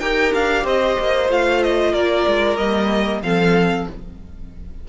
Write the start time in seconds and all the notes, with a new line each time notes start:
0.00 D#4 G4 A#4 G5
0.34 D4 F5
0.63 C4 C5 D#5
0.99 A#3
1.29 A3 F4 F5
1.63 D#5
1.92 A#3 A#4 D5
2.27 G#3
2.57 G3 A#3 D#5
3.22 F3 C4 A4 F5